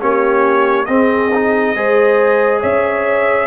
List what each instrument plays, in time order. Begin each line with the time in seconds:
0.00 tuba A#3, trombone C#4, horn G4, trumpet C#5
0.86 trombone C4, tuba C4, horn G#4, trumpet D#5
1.35 trombone D#4
1.76 tuba G#3, trombone G#4, horn C5
2.60 tuba C#4, horn C#5, trumpet E5